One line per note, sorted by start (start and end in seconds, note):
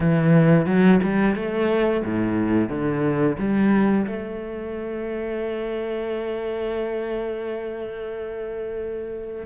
0.00 0.66 E3
0.66 0.99 F#3
1.03 1.35 G3
1.35 2.03 A3
2.04 2.69 A2
2.69 3.36 D3
3.38 4.05 G3
4.06 9.45 A3